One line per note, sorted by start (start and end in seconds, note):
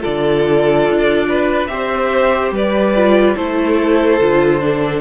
0.00 0.89 D3
0.00 1.67 F4
0.00 1.26 A4
0.00 1.66 D5
0.89 1.68 D4
1.29 1.70 B4
1.66 2.51 C4
1.66 2.93 G4
1.66 2.50 E5
1.73 2.54 C5
2.51 3.35 G3
2.51 3.36 B4
2.51 3.36 D5
2.96 3.37 F4
3.36 4.20 A3
3.36 4.20 E4
3.36 5.01 A4
3.36 5.01 C5
4.20 5.01 D3
4.20 4.61 F4
4.61 5.01 D4